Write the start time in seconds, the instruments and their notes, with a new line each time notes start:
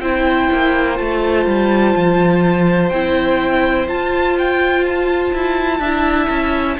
0.00 cello C4, viola E4, violin C5 G5
0.53 cello A#3
0.97 cello A3, viola F4, violin A5
1.46 cello G3
1.96 cello F3
2.89 cello C4, viola E4, violin G5
3.87 cello F4, viola F4, violin A5
4.38 violin G5
4.84 violin A5
5.33 cello E4
5.80 cello D4, viola E4, violin E5
6.30 cello C#4